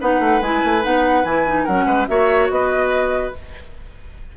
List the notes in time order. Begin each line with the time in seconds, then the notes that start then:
0.00 B3 D#4 B4 F#5
0.19 A3
0.41 G#3 E4 G#5
0.64 A3
0.81 B3 D#4 F#5
1.24 E3 E4 G#5
1.47 D#4
1.63 F#3 C#4 A#4 F#5
1.86 G#3 B4
2.07 A#3 F#4 C#5 E5
2.50 B3 B4 D#5